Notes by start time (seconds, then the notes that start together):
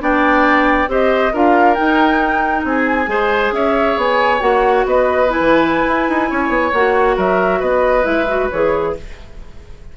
0.00 B3 D4 D5 G5
0.88 C4 G4 C5 D#5
1.33 D4 F4 A#4 F5
1.75 D#4 G5
2.65 C4 G#4 G#5
3.07 G#3 G#4 C5
3.52 C#4 C#5 E5
3.97 B3 G#5
4.40 A#3 F#4 F#5
4.86 B3 B4 D#5
5.29 E4 G#5
5.40 E3
5.88 E4
6.09 D#4
6.30 C#4 C#5
6.49 B3
6.73 A#3 F#4 F#5
7.17 F#3 A#4 E5
7.60 B3 B4 D#5
8.03 G#3 E4 E5
8.28 F#4
8.51 E3 G#4 C#5